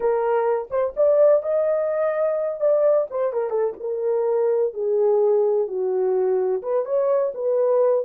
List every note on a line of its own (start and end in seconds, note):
0.00 0.68 A#4
0.70 0.93 C5
0.96 1.42 D5
1.42 2.60 D#5
2.60 3.07 D5
3.10 3.32 C5
3.32 3.50 A#4
3.50 3.73 A4
3.80 4.73 A#4
4.73 5.67 G#4
5.67 6.61 F#4
6.62 6.85 B4
6.85 7.32 C#5
7.34 8.05 B4